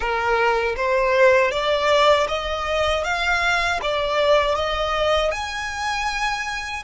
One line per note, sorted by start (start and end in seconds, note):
0.00 0.75 A#4
0.76 1.51 C5
1.51 2.27 D5
2.28 3.03 D#5
3.04 3.80 F5
3.81 4.55 D5
4.55 5.31 D#5
5.31 6.83 G#5